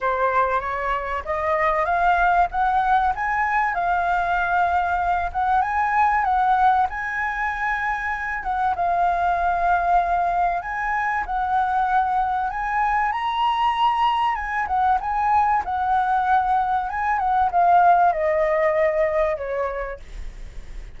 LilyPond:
\new Staff \with { instrumentName = "flute" } { \time 4/4 \tempo 4 = 96 c''4 cis''4 dis''4 f''4 | fis''4 gis''4 f''2~ | f''8 fis''8 gis''4 fis''4 gis''4~ | gis''4. fis''8 f''2~ |
f''4 gis''4 fis''2 | gis''4 ais''2 gis''8 fis''8 | gis''4 fis''2 gis''8 fis''8 | f''4 dis''2 cis''4 | }